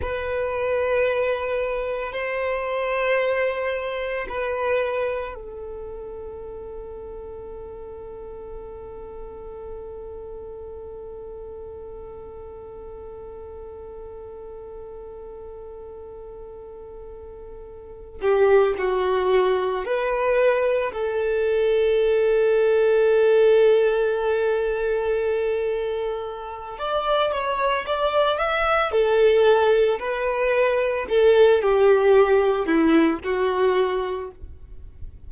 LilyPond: \new Staff \with { instrumentName = "violin" } { \time 4/4 \tempo 4 = 56 b'2 c''2 | b'4 a'2.~ | a'1~ | a'1~ |
a'4 g'8 fis'4 b'4 a'8~ | a'1~ | a'4 d''8 cis''8 d''8 e''8 a'4 | b'4 a'8 g'4 e'8 fis'4 | }